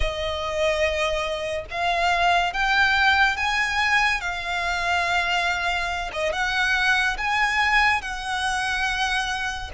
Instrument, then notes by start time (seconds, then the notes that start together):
violin
0.00 D#5
1.71 F5
2.53 G5
3.36 G#5
4.20 F5
6.13 D#5
6.32 F#5
7.17 G#5
8.01 F#5